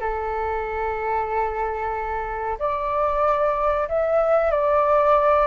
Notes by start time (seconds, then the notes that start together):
0.00 A4
2.59 D5
3.89 E5
4.51 D5